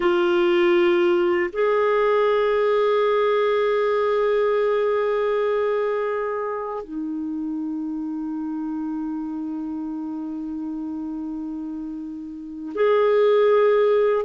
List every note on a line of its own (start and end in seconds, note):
0.00 1.50 F4
1.52 6.84 G#4
6.84 12.72 D#4
12.75 14.25 G#4